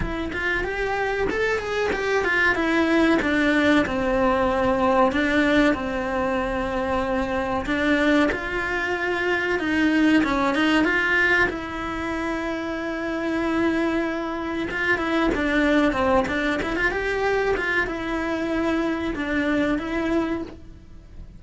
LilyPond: \new Staff \with { instrumentName = "cello" } { \time 4/4 \tempo 4 = 94 e'8 f'8 g'4 a'8 gis'8 g'8 f'8 | e'4 d'4 c'2 | d'4 c'2. | d'4 f'2 dis'4 |
cis'8 dis'8 f'4 e'2~ | e'2. f'8 e'8 | d'4 c'8 d'8 e'16 f'16 g'4 f'8 | e'2 d'4 e'4 | }